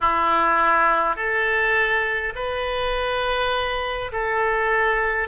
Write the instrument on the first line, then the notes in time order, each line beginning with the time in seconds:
oboe
0.00 E4
1.16 A4
2.35 B4
4.12 A4